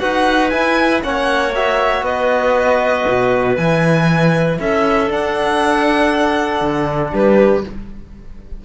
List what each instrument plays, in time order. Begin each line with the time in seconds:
0.00 cello D#4, trombone F#4, clarinet B4, violin F#5
0.50 trombone E4, cello E4, violin G#5
1.02 cello A#3, trombone C#4, clarinet C#5, violin F#5
1.55 trombone F#4, violin E5
2.03 cello B3, clarinet B4, violin D#5
3.08 cello B2
3.56 cello E3, trombone E4, violin G#5
4.60 cello C#4, clarinet A4, violin E5
5.08 trombone D4, cello D4, violin F#5
6.61 cello D3
7.13 cello G3, clarinet G4, violin B4